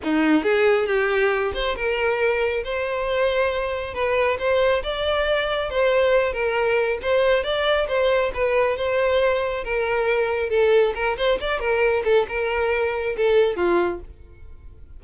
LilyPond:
\new Staff \with { instrumentName = "violin" } { \time 4/4 \tempo 4 = 137 dis'4 gis'4 g'4. c''8 | ais'2 c''2~ | c''4 b'4 c''4 d''4~ | d''4 c''4. ais'4. |
c''4 d''4 c''4 b'4 | c''2 ais'2 | a'4 ais'8 c''8 d''8 ais'4 a'8 | ais'2 a'4 f'4 | }